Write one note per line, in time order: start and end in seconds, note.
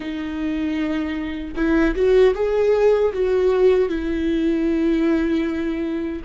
0.00 1.54 D#4
1.55 1.94 E4
1.95 2.34 F#4
2.34 3.12 G#4
3.12 3.88 F#4
3.88 6.22 E4